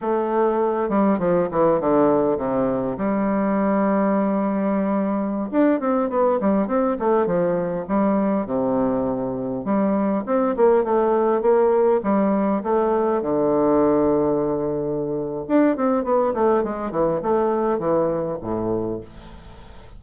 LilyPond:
\new Staff \with { instrumentName = "bassoon" } { \time 4/4 \tempo 4 = 101 a4. g8 f8 e8 d4 | c4 g2.~ | g4~ g16 d'8 c'8 b8 g8 c'8 a16~ | a16 f4 g4 c4.~ c16~ |
c16 g4 c'8 ais8 a4 ais8.~ | ais16 g4 a4 d4.~ d16~ | d2 d'8 c'8 b8 a8 | gis8 e8 a4 e4 a,4 | }